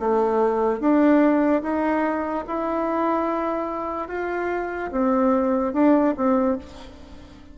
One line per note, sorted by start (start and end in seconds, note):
0.00 0.80 A3
0.80 1.63 D4
1.63 2.45 D#4
2.47 4.08 E4
4.08 4.90 F4
4.92 5.73 C4
5.73 6.15 D4
6.17 6.58 C4